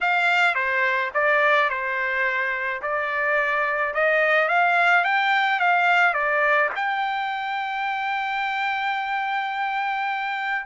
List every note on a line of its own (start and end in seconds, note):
0.01 0.55 F5
0.55 1.11 C5
1.14 1.69 D5
1.69 2.81 C5
2.82 3.94 D5
3.94 4.48 D#5
4.48 5.04 F5
5.04 5.59 G5
5.59 6.13 F5
6.13 6.69 D5
6.75 10.66 G5